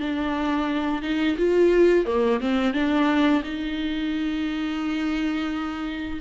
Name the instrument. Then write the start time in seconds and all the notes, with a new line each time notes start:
viola
0.00 D4
1.02 D#4
1.37 F4
2.05 A#3
2.40 C4
2.73 D4
3.44 D#4